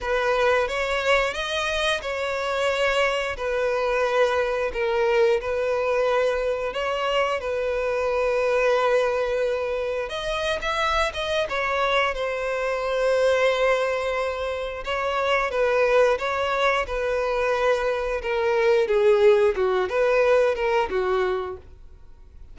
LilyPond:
\new Staff \with { instrumentName = "violin" } { \time 4/4 \tempo 4 = 89 b'4 cis''4 dis''4 cis''4~ | cis''4 b'2 ais'4 | b'2 cis''4 b'4~ | b'2. dis''8. e''16~ |
e''8 dis''8 cis''4 c''2~ | c''2 cis''4 b'4 | cis''4 b'2 ais'4 | gis'4 fis'8 b'4 ais'8 fis'4 | }